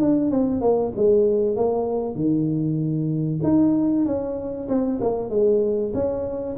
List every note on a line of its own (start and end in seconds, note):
0.00 0.30 D4
0.30 0.61 C4
0.61 0.92 A#3
0.95 1.55 G#3
1.55 2.15 A#3
2.15 3.40 D#3
3.43 4.05 D#4
4.05 4.68 C#4
4.68 4.99 C4
5.00 5.30 A#3
5.30 5.92 G#3
5.94 6.56 C#4